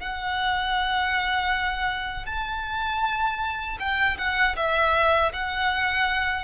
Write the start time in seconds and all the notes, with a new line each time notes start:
0.00 F#5
2.26 A5
3.80 G5
4.18 F#5
4.56 E5
5.33 F#5